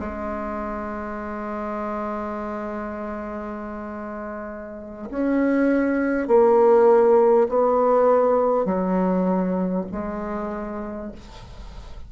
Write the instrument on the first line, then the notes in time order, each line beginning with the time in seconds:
bassoon
0.00 G#3
5.11 C#4
6.28 A#3
7.49 B3
8.66 F#3
9.92 G#3